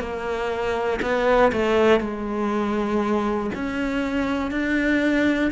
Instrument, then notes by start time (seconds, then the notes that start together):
cello
0.00 A#3
1.02 B3
1.52 A3
2.00 G#3
3.55 C#4
4.51 D4